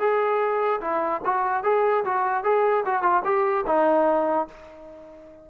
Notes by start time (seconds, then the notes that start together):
0.00 G#4
0.81 E4
1.25 F#4
1.64 G#4
2.05 F#4
2.44 G#4
2.86 F#4
3.03 F4
3.25 G4
3.67 D#4